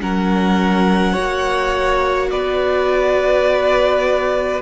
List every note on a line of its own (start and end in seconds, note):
0.00 1.17 F#3
0.00 1.15 C#4
0.00 1.12 A#4
0.00 2.31 F#5
1.12 2.31 A#3
1.12 4.61 F#4
1.12 2.28 C#5
2.31 4.62 B3
2.31 4.62 B4
2.31 4.61 D5